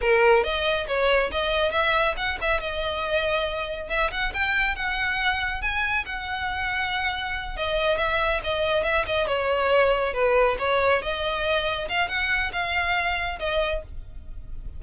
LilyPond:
\new Staff \with { instrumentName = "violin" } { \time 4/4 \tempo 4 = 139 ais'4 dis''4 cis''4 dis''4 | e''4 fis''8 e''8 dis''2~ | dis''4 e''8 fis''8 g''4 fis''4~ | fis''4 gis''4 fis''2~ |
fis''4. dis''4 e''4 dis''8~ | dis''8 e''8 dis''8 cis''2 b'8~ | b'8 cis''4 dis''2 f''8 | fis''4 f''2 dis''4 | }